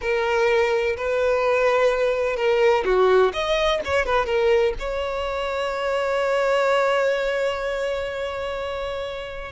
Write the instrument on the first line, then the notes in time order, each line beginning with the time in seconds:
violin
0.01 A#4
0.97 B4
2.36 A#4
2.84 F#4
3.33 D#5
3.84 C#5
4.05 B4
4.26 A#4
4.79 C#5